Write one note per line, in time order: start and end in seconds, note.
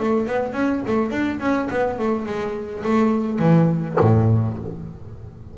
0.00 0.27 A3
0.27 0.54 B3
0.54 0.82 C#4
0.88 1.11 A3
1.11 1.40 D4
1.40 1.69 C#4
1.71 1.99 B3
1.99 2.26 A3
2.26 2.83 G#3
2.84 3.39 A3
3.39 3.96 E3
4.01 4.58 A2